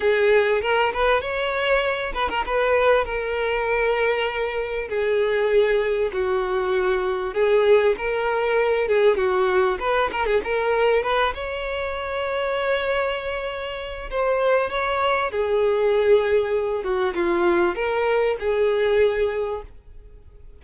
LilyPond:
\new Staff \with { instrumentName = "violin" } { \time 4/4 \tempo 4 = 98 gis'4 ais'8 b'8 cis''4. b'16 ais'16 | b'4 ais'2. | gis'2 fis'2 | gis'4 ais'4. gis'8 fis'4 |
b'8 ais'16 gis'16 ais'4 b'8 cis''4.~ | cis''2. c''4 | cis''4 gis'2~ gis'8 fis'8 | f'4 ais'4 gis'2 | }